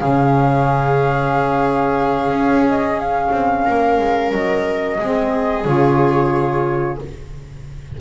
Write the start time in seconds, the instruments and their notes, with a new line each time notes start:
0.00 double bass C#3, saxophone C#4, viola G#4, flute F5
2.30 double bass C#4
2.69 flute D#5
3.00 flute F5
3.32 double bass C4
3.66 double bass A#3, viola A#4
3.99 double bass G#3
4.32 double bass F#3, flute D#5
5.00 double bass G#3, saxophone C4, viola G#4
5.65 double bass C#3, saxophone F4, flute C#5